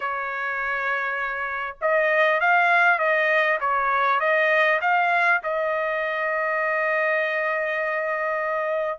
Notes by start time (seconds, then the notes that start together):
0.00 C#5
1.81 D#5
2.40 F5
2.98 D#5
3.60 C#5
4.19 D#5
4.81 F5
5.43 D#5